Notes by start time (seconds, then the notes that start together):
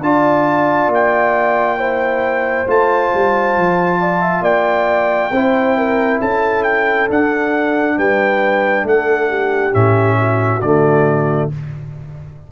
0.00 D4 F4 D5 A5
0.87 A#3
0.94 G5
1.78 E4 C5
2.67 A3 F4 A5
3.14 G3
3.57 F3
4.00 D5
4.21 E5
4.41 A#3 D5 G5
5.31 C4 E4 C5
5.77 A#4
6.20 C#4 A4 A5
6.63 G5
7.08 D4 F#5
7.97 G3 B4 G5
8.83 A3 A4 F#5
9.29 G4
9.72 A2 C#4 E5
10.18 F#4
10.61 D3 A3 D5